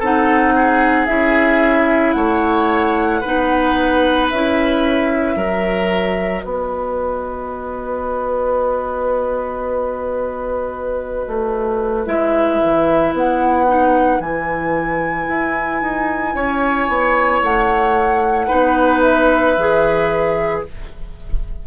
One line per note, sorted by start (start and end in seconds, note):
0.00 1.08 C4
0.00 1.08 D#4
0.00 0.54 A4
0.00 1.07 F#5
0.56 2.17 G#4
1.07 2.15 C#4
1.07 3.22 E4
1.07 2.13 E5
2.13 3.23 A3
2.13 3.21 C#5
2.13 4.27 F#5
3.21 4.32 B3
3.21 4.33 D#4
3.21 5.35 B4
4.30 5.36 C#4
4.30 5.40 E4
4.30 6.43 E5
5.36 6.44 F#3
5.36 12.06 F#4
5.36 6.44 A#4
6.43 11.27 B3
6.43 16.35 B4
6.43 12.06 D#5
11.28 12.07 A3
12.06 12.60 G#3
12.06 13.67 E4
12.06 13.14 E5
12.64 13.13 E3
13.13 14.20 B3
13.13 14.21 F#5
13.68 14.21 D#4
14.20 15.27 E3
14.20 18.49 E4
14.20 17.42 G#5
15.29 15.82 E4
15.82 16.35 D#4
16.35 16.89 C#4
16.35 18.48 C#5
16.89 17.42 B3
17.43 18.50 A3
17.43 19.01 F#5
18.48 19.57 B3
18.48 19.56 D#4
18.48 20.62 B4
19.01 20.62 E5
19.57 20.65 E3
19.57 20.67 G#4